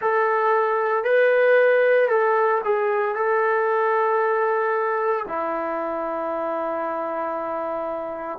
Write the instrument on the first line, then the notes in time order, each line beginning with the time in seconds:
trombone
0.00 A4
1.04 B4
2.09 A4
2.64 G#4
3.15 A4
5.28 E4